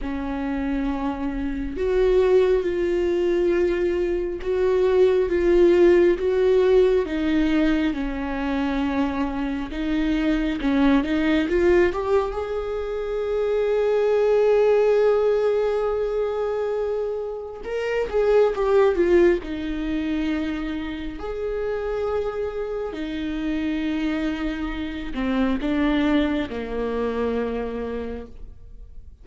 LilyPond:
\new Staff \with { instrumentName = "viola" } { \time 4/4 \tempo 4 = 68 cis'2 fis'4 f'4~ | f'4 fis'4 f'4 fis'4 | dis'4 cis'2 dis'4 | cis'8 dis'8 f'8 g'8 gis'2~ |
gis'1 | ais'8 gis'8 g'8 f'8 dis'2 | gis'2 dis'2~ | dis'8 c'8 d'4 ais2 | }